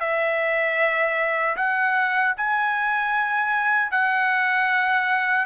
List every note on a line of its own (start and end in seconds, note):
0.00 1.56 E5
1.57 2.34 F#5
2.37 3.91 G#5
3.91 5.46 F#5